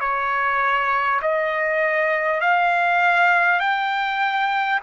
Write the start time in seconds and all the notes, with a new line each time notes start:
0.00 C#5
1.21 D#5
2.41 F5
3.59 G5